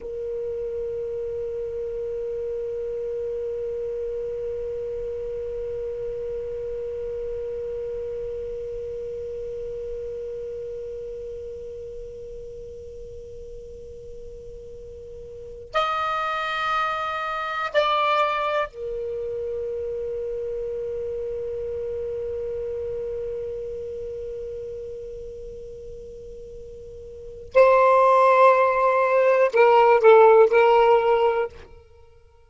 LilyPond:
\new Staff \with { instrumentName = "saxophone" } { \time 4/4 \tempo 4 = 61 ais'1~ | ais'1~ | ais'1~ | ais'1 |
dis''2 d''4 ais'4~ | ais'1~ | ais'1 | c''2 ais'8 a'8 ais'4 | }